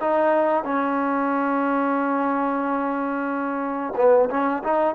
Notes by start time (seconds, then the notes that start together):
0.00 D#4
0.64 C#4
3.96 B3
4.30 C#4
4.63 D#4